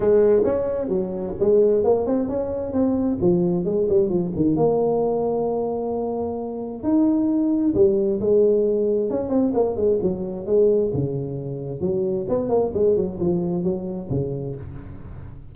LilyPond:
\new Staff \with { instrumentName = "tuba" } { \time 4/4 \tempo 4 = 132 gis4 cis'4 fis4 gis4 | ais8 c'8 cis'4 c'4 f4 | gis8 g8 f8 dis8 ais2~ | ais2. dis'4~ |
dis'4 g4 gis2 | cis'8 c'8 ais8 gis8 fis4 gis4 | cis2 fis4 b8 ais8 | gis8 fis8 f4 fis4 cis4 | }